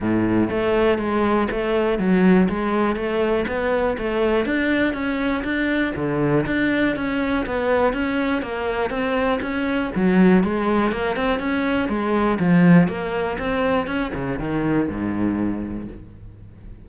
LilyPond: \new Staff \with { instrumentName = "cello" } { \time 4/4 \tempo 4 = 121 a,4 a4 gis4 a4 | fis4 gis4 a4 b4 | a4 d'4 cis'4 d'4 | d4 d'4 cis'4 b4 |
cis'4 ais4 c'4 cis'4 | fis4 gis4 ais8 c'8 cis'4 | gis4 f4 ais4 c'4 | cis'8 cis8 dis4 gis,2 | }